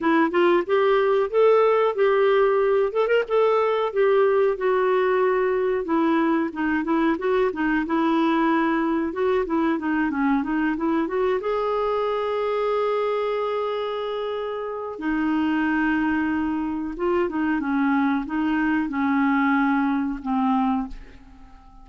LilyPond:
\new Staff \with { instrumentName = "clarinet" } { \time 4/4 \tempo 4 = 92 e'8 f'8 g'4 a'4 g'4~ | g'8 a'16 ais'16 a'4 g'4 fis'4~ | fis'4 e'4 dis'8 e'8 fis'8 dis'8 | e'2 fis'8 e'8 dis'8 cis'8 |
dis'8 e'8 fis'8 gis'2~ gis'8~ | gis'2. dis'4~ | dis'2 f'8 dis'8 cis'4 | dis'4 cis'2 c'4 | }